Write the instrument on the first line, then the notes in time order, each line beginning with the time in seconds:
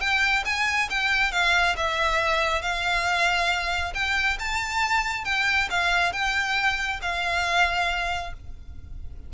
violin
0.00 G5
0.45 G#5
0.89 G5
1.32 F5
1.76 E5
2.62 F5
3.94 G5
4.39 A5
5.25 G5
5.70 F5
6.12 G5
7.02 F5